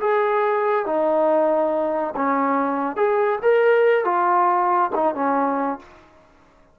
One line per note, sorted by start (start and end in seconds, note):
0.00 0.86 G#4
0.86 2.14 D#4
2.15 2.96 C#4
2.96 3.39 G#4
3.42 4.04 A#4
4.04 4.90 F4
4.95 5.14 D#4
5.14 5.79 C#4